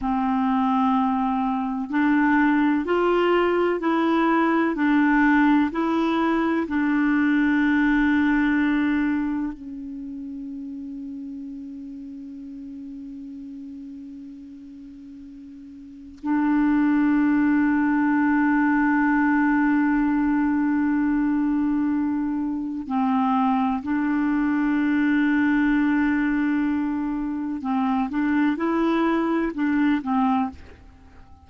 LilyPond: \new Staff \with { instrumentName = "clarinet" } { \time 4/4 \tempo 4 = 63 c'2 d'4 f'4 | e'4 d'4 e'4 d'4~ | d'2 cis'2~ | cis'1~ |
cis'4 d'2.~ | d'1 | c'4 d'2.~ | d'4 c'8 d'8 e'4 d'8 c'8 | }